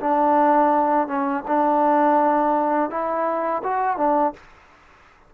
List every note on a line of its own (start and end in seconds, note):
0.00 1.08 D4
1.08 1.44 C#4
1.48 2.90 D4
2.90 3.63 E4
3.64 3.98 F#4
3.98 4.34 D4